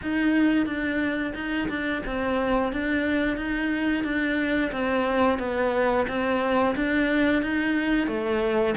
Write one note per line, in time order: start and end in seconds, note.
0.02 0.66 D#4
0.66 1.33 D4
1.34 1.68 D#4
1.69 2.02 D4
2.06 2.72 C4
2.72 3.36 D4
3.36 4.04 D#4
4.04 4.71 D4
4.72 5.38 C4
5.38 6.06 B3
6.08 6.75 C4
6.75 7.42 D4
7.42 8.07 D#4
8.07 8.74 A3